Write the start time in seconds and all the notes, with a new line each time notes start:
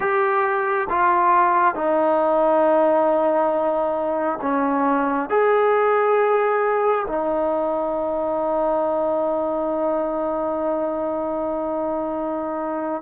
0.00 G4
0.89 F4
1.74 D#4
4.41 C#4
5.29 G#4
7.07 D#4